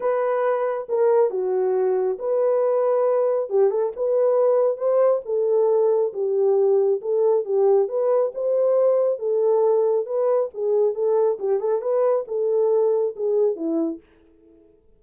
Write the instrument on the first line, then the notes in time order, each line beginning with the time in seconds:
horn
0.00 B4
0.89 A#4
1.30 F#4
2.18 B4
3.49 G4
3.70 A4
3.95 B4
4.77 C5
5.25 A4
6.13 G4
7.01 A4
7.45 G4
7.88 B4
8.34 C5
9.19 A4
10.06 B4
10.54 G#4
10.94 A4
11.39 G4
11.60 A4
11.81 B4
12.27 A4
13.16 G#4
13.55 E4